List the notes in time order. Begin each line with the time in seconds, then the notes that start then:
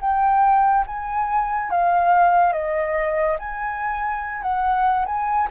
0.00 G5
0.86 G#5
1.71 F5
2.52 D#5
3.38 G#5
4.42 F#5
5.06 G#5